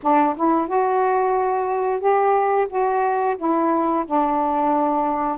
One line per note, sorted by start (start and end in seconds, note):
0.02 0.36 D4
0.36 0.67 E4
0.67 1.99 F#4
1.99 2.67 G4
2.69 3.36 F#4
3.37 4.05 E4
4.06 5.37 D4